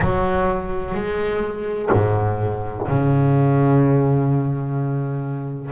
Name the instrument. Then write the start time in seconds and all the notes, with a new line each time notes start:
double bass
0.00 F#3
0.94 G#3
1.92 G#2
2.87 C#3